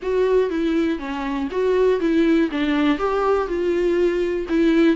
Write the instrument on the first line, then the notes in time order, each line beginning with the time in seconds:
viola
0.02 F#4
0.50 E4
0.98 C#4
1.51 F#4
1.99 E4
2.51 D4
2.98 G4
3.47 F4
4.48 E4